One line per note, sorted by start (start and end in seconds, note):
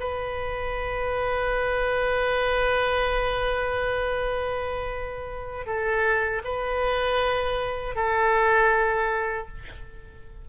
0.00 5.66 B4
5.66 6.42 A4
6.45 7.96 B4
7.96 9.48 A4